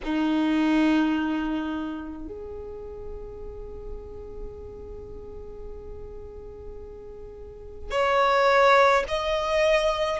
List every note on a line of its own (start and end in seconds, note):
0.03 2.27 D#4
2.27 7.90 G#4
7.90 9.04 C#5
9.08 10.19 D#5